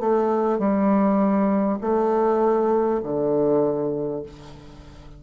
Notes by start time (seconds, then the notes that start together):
0.00 A3
0.59 G3
1.82 A3
3.03 D3